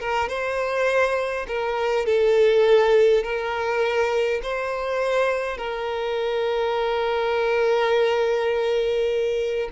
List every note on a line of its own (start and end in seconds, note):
0.00 0.29 A#4
0.29 1.47 C5
1.48 2.06 A#4
2.06 3.24 A4
3.24 4.41 A#4
4.43 5.58 C5
5.58 9.70 A#4